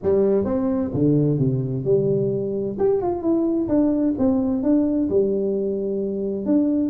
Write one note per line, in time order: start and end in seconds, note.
0.02 0.44 G3
0.44 0.91 C4
0.93 1.38 D3
1.38 1.84 C3
1.84 2.76 G3
2.78 3.01 G4
3.02 3.21 F4
3.21 3.68 E4
3.68 4.14 D4
4.18 4.62 C4
4.62 5.08 D4
5.09 6.45 G3
6.45 6.90 D4